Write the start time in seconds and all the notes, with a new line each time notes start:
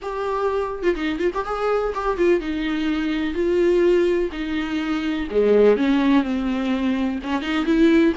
0.01 G4
0.82 F4
0.95 D#4
1.19 F4
1.34 G4
1.45 G#4
1.94 G4
2.17 F4
2.40 D#4
3.34 F4
4.32 D#4
5.30 G#3
5.76 C#4
6.23 C4
7.23 C#4
7.41 D#4
7.65 E4